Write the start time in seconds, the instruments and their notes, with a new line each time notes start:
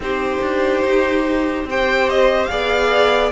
0.00 cello C4, viola D#4, violin G4 C5
0.41 cello D4
0.84 cello D#4
1.64 cello C4, viola G4, violin C5 G5
2.09 violin D#5
2.45 cello B3, viola G#4, violin D5 F5